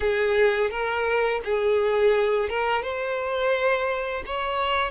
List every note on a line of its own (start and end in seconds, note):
0.00 0.70 G#4
0.70 1.41 A#4
1.44 2.49 G#4
2.49 2.82 A#4
2.82 4.23 C5
4.25 4.91 C#5